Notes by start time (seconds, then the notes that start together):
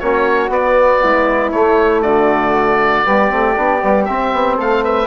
0.00 A#3 C#4 F#4 C#5
0.50 B3 D5
1.04 G#3 E4
1.52 A3 C#5
2.02 D3 F#4 D5
3.05 G3 B3 G4
3.30 A3 C4
3.56 B3 D4
3.81 G3 B3
4.05 C4 E5
4.33 B3
4.57 A3 A4 F5
4.84 B4 E5